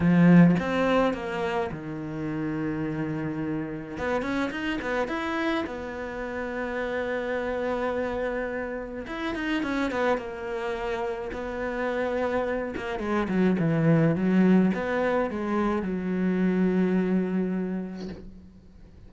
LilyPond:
\new Staff \with { instrumentName = "cello" } { \time 4/4 \tempo 4 = 106 f4 c'4 ais4 dis4~ | dis2. b8 cis'8 | dis'8 b8 e'4 b2~ | b1 |
e'8 dis'8 cis'8 b8 ais2 | b2~ b8 ais8 gis8 fis8 | e4 fis4 b4 gis4 | fis1 | }